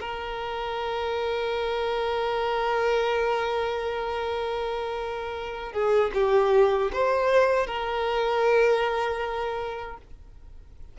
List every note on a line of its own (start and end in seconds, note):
0.00 5.72 A#4
5.72 6.11 G#4
6.14 6.91 G4
6.92 7.66 C5
7.66 9.97 A#4